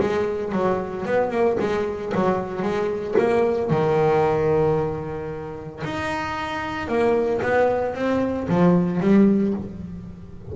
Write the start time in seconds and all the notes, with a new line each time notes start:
0.00 G#3
0.52 F#3
1.05 B3
1.30 A#3
1.59 G#3
2.14 F#3
2.62 G#3
3.18 A#3
3.70 D#3
5.84 D#4
6.87 A#3
7.42 B3
7.94 C4
8.49 F3
9.00 G3